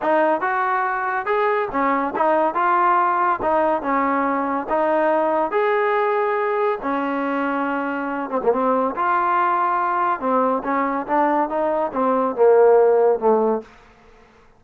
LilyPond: \new Staff \with { instrumentName = "trombone" } { \time 4/4 \tempo 4 = 141 dis'4 fis'2 gis'4 | cis'4 dis'4 f'2 | dis'4 cis'2 dis'4~ | dis'4 gis'2. |
cis'2.~ cis'8 c'16 ais16 | c'4 f'2. | c'4 cis'4 d'4 dis'4 | c'4 ais2 a4 | }